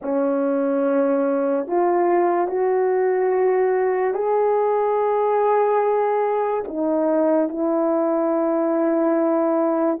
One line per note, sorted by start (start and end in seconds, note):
0.02 1.67 C#4
1.67 2.47 F4
2.47 4.14 F#4
4.14 6.64 G#4
6.67 7.48 D#4
7.48 9.98 E4